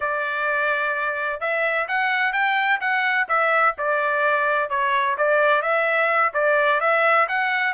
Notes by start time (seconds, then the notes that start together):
0.00 D5
1.40 E5
1.88 F#5
2.32 G5
2.80 F#5
3.28 E5
3.78 D5
4.69 C#5
5.17 D5
5.62 E5
6.33 D5
6.80 E5
7.28 F#5